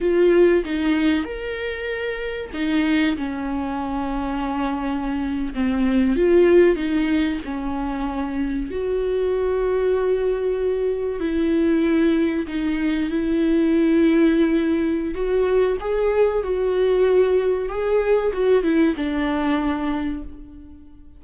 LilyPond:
\new Staff \with { instrumentName = "viola" } { \time 4/4 \tempo 4 = 95 f'4 dis'4 ais'2 | dis'4 cis'2.~ | cis'8. c'4 f'4 dis'4 cis'16~ | cis'4.~ cis'16 fis'2~ fis'16~ |
fis'4.~ fis'16 e'2 dis'16~ | dis'8. e'2.~ e'16 | fis'4 gis'4 fis'2 | gis'4 fis'8 e'8 d'2 | }